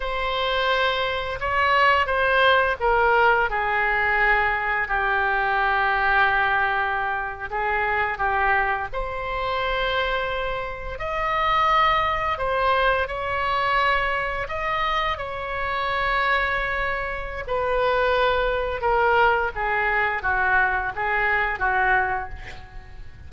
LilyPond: \new Staff \with { instrumentName = "oboe" } { \time 4/4 \tempo 4 = 86 c''2 cis''4 c''4 | ais'4 gis'2 g'4~ | g'2~ g'8. gis'4 g'16~ | g'8. c''2. dis''16~ |
dis''4.~ dis''16 c''4 cis''4~ cis''16~ | cis''8. dis''4 cis''2~ cis''16~ | cis''4 b'2 ais'4 | gis'4 fis'4 gis'4 fis'4 | }